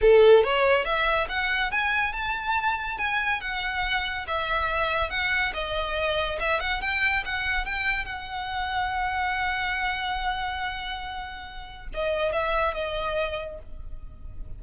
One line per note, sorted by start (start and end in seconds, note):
0.01 0.43 A4
0.43 0.85 C#5
0.85 1.27 E5
1.28 1.71 F#5
1.71 2.13 G#5
2.13 2.98 A5
2.98 3.40 G#5
3.40 4.26 F#5
4.27 5.10 E5
5.10 5.52 F#5
5.53 6.38 D#5
6.39 6.60 E5
6.60 6.81 F#5
6.81 7.23 G5
7.25 7.65 F#5
7.65 8.05 G5
8.05 11.88 F#5
11.94 12.32 D#5
12.32 12.73 E5
12.73 13.59 D#5